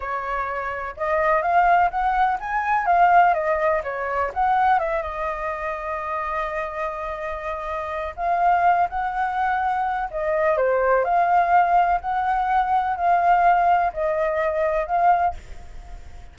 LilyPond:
\new Staff \with { instrumentName = "flute" } { \time 4/4 \tempo 4 = 125 cis''2 dis''4 f''4 | fis''4 gis''4 f''4 dis''4 | cis''4 fis''4 e''8 dis''4.~ | dis''1~ |
dis''4 f''4. fis''4.~ | fis''4 dis''4 c''4 f''4~ | f''4 fis''2 f''4~ | f''4 dis''2 f''4 | }